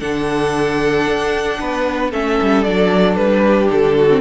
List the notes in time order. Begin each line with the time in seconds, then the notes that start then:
0.00 D3 D4 A4 F#5
1.06 D4
1.60 B3 B4
2.11 A3 C#4 A4 E5
2.41 G3
2.63 F#3 D4 D5
3.16 G3 B4
3.46 G4
3.71 D3 A4
3.98 F#4
4.10 C4